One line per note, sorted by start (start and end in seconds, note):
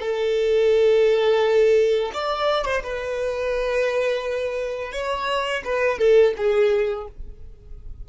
0.00 2.12 A4
2.14 2.65 D5
2.65 2.83 C5
2.83 4.93 B4
4.93 5.63 C#5
5.65 5.99 B4
5.99 6.34 A4
6.37 7.08 G#4